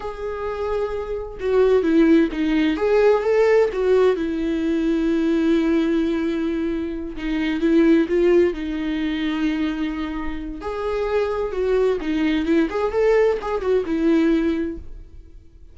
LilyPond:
\new Staff \with { instrumentName = "viola" } { \time 4/4 \tempo 4 = 130 gis'2. fis'4 | e'4 dis'4 gis'4 a'4 | fis'4 e'2.~ | e'2.~ e'8 dis'8~ |
dis'8 e'4 f'4 dis'4.~ | dis'2. gis'4~ | gis'4 fis'4 dis'4 e'8 gis'8 | a'4 gis'8 fis'8 e'2 | }